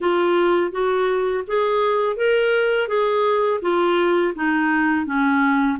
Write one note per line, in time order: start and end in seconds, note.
0.00 0.71 F4
0.71 1.44 F#4
1.47 2.16 G#4
2.16 2.88 A#4
2.88 3.60 G#4
3.61 4.34 F4
4.35 5.05 D#4
5.05 5.78 C#4